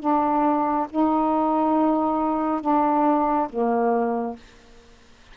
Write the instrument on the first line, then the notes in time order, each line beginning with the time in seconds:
saxophone
0.00 D4
0.90 D#4
2.61 D4
3.49 A#3